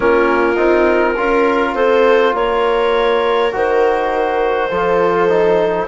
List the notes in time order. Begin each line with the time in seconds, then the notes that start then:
0.00 A#3 C#4 F4 A#4
0.55 C4 D#4
1.16 C#4 F4 A#4
1.74 C4 A4 C5
2.34 A#3 A#4 C#5
3.51 D#3 F#4 C5
4.70 F3 F4 A4
5.28 D#4